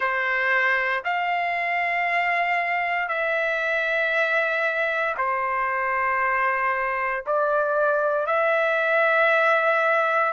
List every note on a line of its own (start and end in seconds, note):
0.00 1.03 C5
1.04 3.08 F5
3.08 5.15 E5
5.17 7.24 C5
7.26 8.26 D5
8.26 10.32 E5